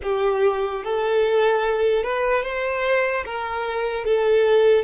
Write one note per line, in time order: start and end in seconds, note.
0.02 0.83 G4
0.84 2.03 A4
2.03 2.43 B4
2.43 3.24 C5
3.25 4.04 A#4
4.04 4.84 A4